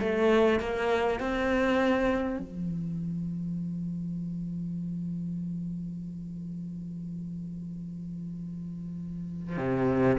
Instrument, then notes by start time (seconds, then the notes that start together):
cello
0.00 A3
0.59 A#3
1.20 C4
2.39 F3
9.57 C3